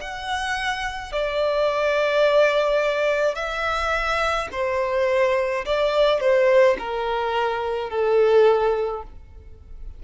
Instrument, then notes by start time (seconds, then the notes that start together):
violin
0.00 F#5
1.12 D5
3.34 E5
4.51 C5
5.65 D5
6.20 C5
6.78 A#4
7.89 A4